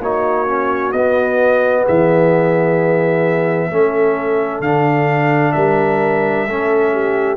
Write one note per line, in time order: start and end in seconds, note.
0.00 0.92 A#3
0.00 0.47 D#4
0.00 1.83 F#4
0.00 0.92 C#5
0.47 0.93 C#4
0.92 1.85 B3
0.92 3.72 B3
0.92 1.85 D#5
1.83 3.71 E3
1.83 3.68 G#4
1.83 4.62 E5
3.71 4.60 A3
3.71 4.64 C#4
3.71 5.55 A4
4.60 5.53 D3
4.60 6.49 D4
4.60 5.52 F5
5.52 6.48 G3
5.52 6.47 A#4
5.52 7.37 E5
6.47 7.37 A3
6.47 7.37 C#4
6.47 6.93 A4
6.93 7.37 G4